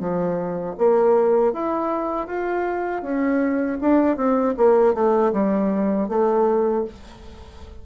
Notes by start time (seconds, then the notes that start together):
0.00 F3
0.78 A#3
1.53 E4
2.27 F4
3.02 C#4
3.81 D4
4.17 C4
4.57 A#3
4.94 A3
5.33 G3
6.09 A3